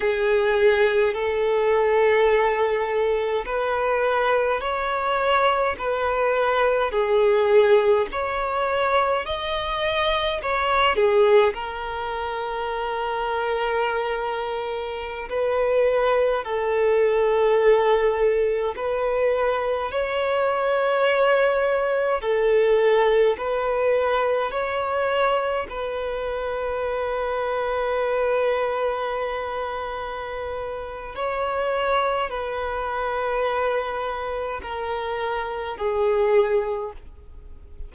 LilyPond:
\new Staff \with { instrumentName = "violin" } { \time 4/4 \tempo 4 = 52 gis'4 a'2 b'4 | cis''4 b'4 gis'4 cis''4 | dis''4 cis''8 gis'8 ais'2~ | ais'4~ ais'16 b'4 a'4.~ a'16~ |
a'16 b'4 cis''2 a'8.~ | a'16 b'4 cis''4 b'4.~ b'16~ | b'2. cis''4 | b'2 ais'4 gis'4 | }